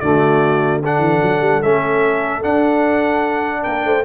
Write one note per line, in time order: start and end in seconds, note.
0.00 0.98 D3
0.00 0.83 A3
0.00 0.83 F#4
0.00 0.81 D5
0.83 1.63 D4
0.83 3.62 A4
0.83 1.62 F#5
0.98 1.19 E3
1.22 1.40 F#3
1.40 1.61 G3
1.62 2.44 A3
1.62 2.42 C#4
1.62 2.42 E5
2.42 4.03 D4
2.42 3.65 D4
2.42 3.63 F#5
3.62 3.84 A#3
3.62 3.82 A#4
3.62 4.03 G5
3.84 4.04 A3
3.84 4.04 C5